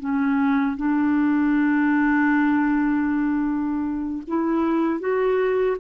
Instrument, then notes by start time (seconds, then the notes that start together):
clarinet
0.00 C#4
0.77 D4
4.28 E4
5.00 F#4